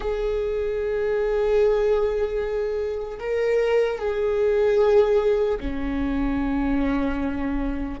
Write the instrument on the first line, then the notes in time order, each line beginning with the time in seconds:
viola
0.00 G#4
3.19 A#4
3.98 G#4
5.60 C#4